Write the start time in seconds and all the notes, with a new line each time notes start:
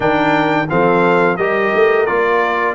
0.00 D#3 D4 A#4 G5
0.69 F3 C4 A4 F5
1.36 G3 G4 A#4 D#5
1.74 A3
2.05 A#3 F4 D5